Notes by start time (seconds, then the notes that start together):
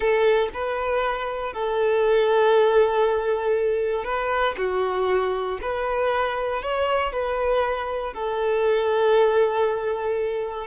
0.00 A4
0.53 B4
1.53 A4
4.04 B4
4.57 F#4
5.61 B4
6.62 C#5
7.12 B4
8.13 A4